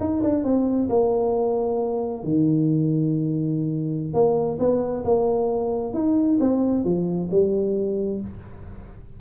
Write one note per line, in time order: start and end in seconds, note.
0.00 0.22 D#4
0.23 0.44 D4
0.44 0.89 C4
0.89 2.24 A#3
2.24 4.14 D#3
4.14 4.58 A#3
4.59 5.04 B3
5.04 5.94 A#3
5.94 6.38 D#4
6.40 6.84 C4
6.84 7.29 F3
7.31 8.20 G3